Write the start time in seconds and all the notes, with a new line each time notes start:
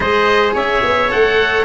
0.00 G#3 G#4 C5 D#5
0.54 C#4 C#5 E5
0.84 B3
1.09 A3 A4 F#5